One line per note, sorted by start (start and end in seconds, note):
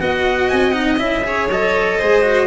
0.00 0.51 B3
0.00 0.73 F#4
0.00 1.26 D#5
0.00 0.50 F#5
0.50 1.00 C4
0.50 0.72 G#5
0.72 0.98 D#4
0.72 0.97 F#5
0.98 1.49 C#4
0.98 1.23 E4
0.98 1.49 E5
1.25 1.50 G#4
1.25 1.98 C#5
1.49 1.99 F#3
1.49 2.02 A4
1.49 2.48 D#5
1.98 2.48 G#3
1.98 2.22 G#4
1.98 2.48 C5
2.22 2.47 F#4